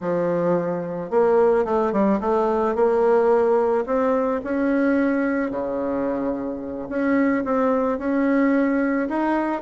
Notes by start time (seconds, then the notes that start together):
0.00 F3
1.10 A#3
1.64 A3
1.92 G3
2.20 A3
2.75 A#3
3.86 C4
4.43 C#4
5.50 C#3
6.89 C#4
7.44 C4
7.98 C#4
9.08 D#4